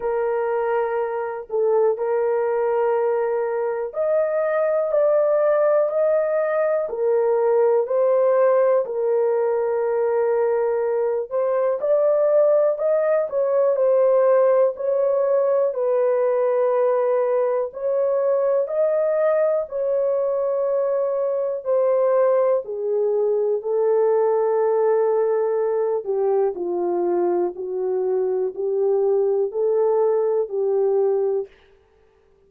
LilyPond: \new Staff \with { instrumentName = "horn" } { \time 4/4 \tempo 4 = 61 ais'4. a'8 ais'2 | dis''4 d''4 dis''4 ais'4 | c''4 ais'2~ ais'8 c''8 | d''4 dis''8 cis''8 c''4 cis''4 |
b'2 cis''4 dis''4 | cis''2 c''4 gis'4 | a'2~ a'8 g'8 f'4 | fis'4 g'4 a'4 g'4 | }